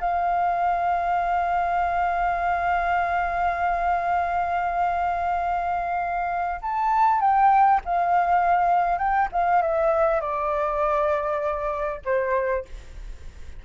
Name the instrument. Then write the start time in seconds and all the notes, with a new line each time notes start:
flute
0.00 F5
6.62 A5
7.20 G5
7.85 F5
8.98 G5
9.32 F5
9.62 E5
10.21 D5
12.05 C5